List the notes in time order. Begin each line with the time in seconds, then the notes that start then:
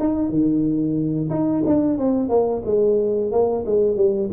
0.00 D#4
0.30 D#3
1.30 D#4
1.67 D4
1.99 C4
2.29 A#3
2.65 G#3
3.32 A#3
3.66 G#3
3.97 G3